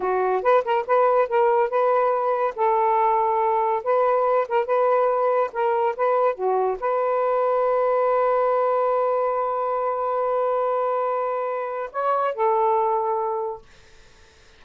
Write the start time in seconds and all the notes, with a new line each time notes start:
0.00 F#4
0.42 B4
0.64 A#4
0.86 B4
1.28 A#4
1.69 B4
2.55 A4
3.83 B4
4.48 A#4
4.65 B4
5.52 A#4
5.96 B4
6.34 F#4
6.79 B4
11.92 C#5
12.34 A4